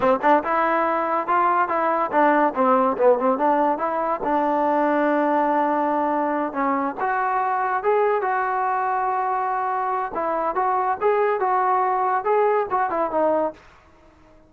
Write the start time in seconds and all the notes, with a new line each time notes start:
0.00 C4
0.22 D4
0.43 E4
1.27 F4
1.68 E4
2.11 D4
2.54 C4
2.97 B3
3.18 C4
3.37 D4
3.78 E4
4.23 D4
6.53 C#4
6.99 F#4
7.83 G#4
8.21 F#4
10.14 E4
10.55 F#4
11.00 G#4
11.40 F#4
12.24 G#4
12.70 F#4
12.90 E4
13.10 D#4